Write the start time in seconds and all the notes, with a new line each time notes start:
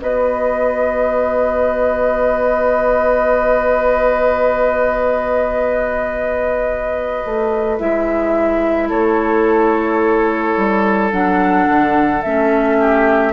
0.00 B3 F#4 B4 D#5
7.25 A3
7.78 G#3 E4 E5
8.88 A3 A4 C#5
10.57 G3
11.12 F#3 D4 F#5
11.68 D3
12.22 A3 C#4 E5
12.80 G4